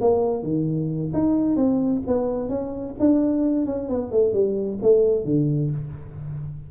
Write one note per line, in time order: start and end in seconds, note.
0.00 0.43 A#3
0.43 1.11 D#3
1.13 1.56 D#4
1.56 2.02 C4
2.07 2.49 B3
2.49 2.95 C#4
2.99 3.65 D4
3.65 3.88 C#4
3.88 4.11 B3
4.11 4.33 A3
4.33 4.79 G3
4.82 5.24 A3
5.24 5.70 D3